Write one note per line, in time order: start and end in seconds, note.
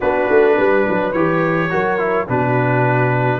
0.00 0.29 B3
0.00 1.15 D4
0.00 0.56 F#4
0.00 1.12 B4
0.29 0.57 A3
0.56 0.87 G3
0.56 1.70 B4
0.88 1.13 F#3
1.12 1.70 E3
1.12 1.70 G4
1.12 2.26 C#5
1.70 2.28 F#3
1.70 1.98 F#4
1.70 2.28 A#4
1.98 2.27 E4
2.27 3.39 B2
2.27 3.39 D4
2.27 3.39 F#4
2.27 3.39 B4